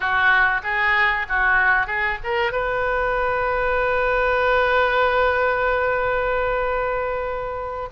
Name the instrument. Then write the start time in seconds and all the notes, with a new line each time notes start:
oboe
0.00 F#4
0.63 G#4
1.28 F#4
1.86 G#4
2.23 A#4
2.51 B4